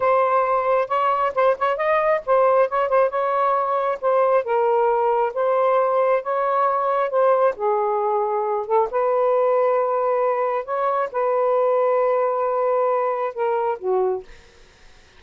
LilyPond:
\new Staff \with { instrumentName = "saxophone" } { \time 4/4 \tempo 4 = 135 c''2 cis''4 c''8 cis''8 | dis''4 c''4 cis''8 c''8 cis''4~ | cis''4 c''4 ais'2 | c''2 cis''2 |
c''4 gis'2~ gis'8 a'8 | b'1 | cis''4 b'2.~ | b'2 ais'4 fis'4 | }